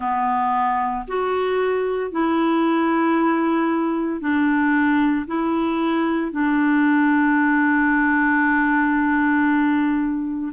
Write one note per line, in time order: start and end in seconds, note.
0.00 1.05 B3
1.07 2.11 F#4
2.11 4.20 E4
4.20 5.25 D4
5.26 6.31 E4
6.31 10.52 D4